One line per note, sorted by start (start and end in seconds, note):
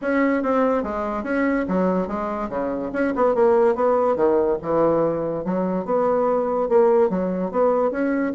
0.01 0.42 C#4
0.42 0.83 C4
0.83 1.23 G#3
1.23 1.65 C#4
1.68 2.07 F#3
2.07 2.49 G#3
2.49 2.91 C#3
2.92 3.13 C#4
3.15 3.34 B3
3.34 3.75 A#3
3.75 4.16 B3
4.16 4.57 D#3
4.62 5.44 E3
5.44 5.85 F#3
5.85 6.68 B3
6.69 7.09 A#3
7.09 7.51 F#3
7.51 7.91 B3
7.91 8.32 C#4